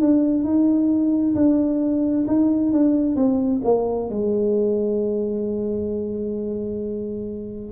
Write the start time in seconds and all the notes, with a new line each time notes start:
0.00 D4
0.43 D#4
1.35 D4
2.27 D#4
2.72 D4
3.15 C4
3.64 A#3
4.10 G#3